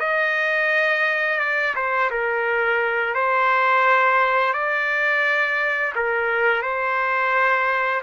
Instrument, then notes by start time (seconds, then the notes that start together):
trumpet
0.00 D#5
1.39 D5
1.75 C5
2.11 A#4
3.15 C5
4.53 D5
5.95 A#4
6.62 C5